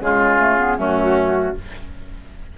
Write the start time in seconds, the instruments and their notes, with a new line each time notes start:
0.00 bassoon C#3, clarinet G#3, oboe F4, flute G#4
0.39 clarinet A3
0.58 clarinet B3
0.77 bassoon F#2, clarinet A3, oboe C#4, flute F#4